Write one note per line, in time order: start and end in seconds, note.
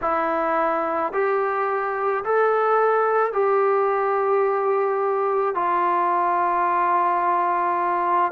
0.01 1.12 E4
1.13 2.24 G4
2.24 3.32 A4
3.32 5.55 G4
5.55 8.31 F4